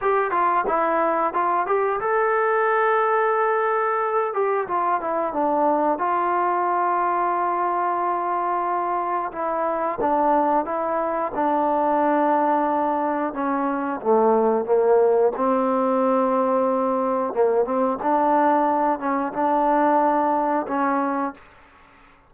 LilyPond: \new Staff \with { instrumentName = "trombone" } { \time 4/4 \tempo 4 = 90 g'8 f'8 e'4 f'8 g'8 a'4~ | a'2~ a'8 g'8 f'8 e'8 | d'4 f'2.~ | f'2 e'4 d'4 |
e'4 d'2. | cis'4 a4 ais4 c'4~ | c'2 ais8 c'8 d'4~ | d'8 cis'8 d'2 cis'4 | }